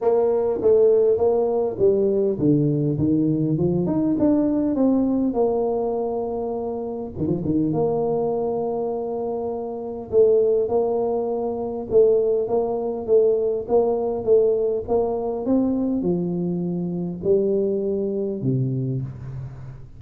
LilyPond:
\new Staff \with { instrumentName = "tuba" } { \time 4/4 \tempo 4 = 101 ais4 a4 ais4 g4 | d4 dis4 f8 dis'8 d'4 | c'4 ais2. | dis16 f16 dis8 ais2.~ |
ais4 a4 ais2 | a4 ais4 a4 ais4 | a4 ais4 c'4 f4~ | f4 g2 c4 | }